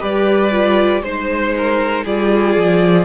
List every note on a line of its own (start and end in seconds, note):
0.00 1.03 G3
0.00 0.51 G4
0.00 1.02 B4
0.00 1.03 D5
0.52 1.03 F4
1.03 2.04 G#3
1.03 2.07 D#4
1.03 2.05 C5
1.03 1.56 C5
1.57 2.05 A#4
2.05 2.57 G3
2.05 3.05 F4
2.05 3.05 G#4
2.05 3.05 D5
2.57 3.05 F3